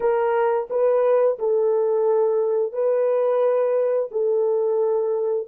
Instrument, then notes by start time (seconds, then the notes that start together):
horn
0.00 A#4
0.69 B4
1.38 A4
2.72 B4
4.11 A4